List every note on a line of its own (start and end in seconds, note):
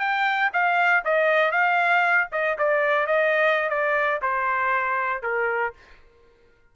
0.00 0.51 G5
0.54 1.04 F5
1.05 1.52 D#5
1.52 2.28 F5
2.32 2.57 D#5
2.59 3.07 D5
3.07 3.70 D#5
3.70 4.21 D5
4.22 5.23 C5
5.23 5.74 A#4